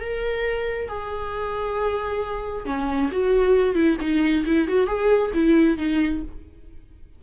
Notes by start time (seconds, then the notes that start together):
0.00 A#4
0.88 G#4
2.66 C#4
3.12 F#4
3.75 E4
4.01 D#4
4.46 E4
4.68 F#4
4.87 G#4
5.34 E4
5.78 D#4